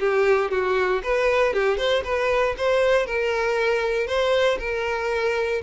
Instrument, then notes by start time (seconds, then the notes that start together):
violin
0.00 G4
0.52 F#4
1.03 B4
1.54 G4
1.78 C5
2.04 B4
2.58 C5
3.07 A#4
4.07 C5
4.59 A#4